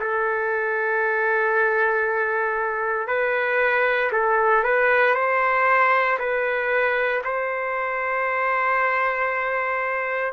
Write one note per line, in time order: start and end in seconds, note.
0.00 3.07 A4
3.07 4.11 B4
4.12 4.63 A4
4.63 5.14 B4
5.14 6.18 C5
6.18 7.22 B4
7.24 10.33 C5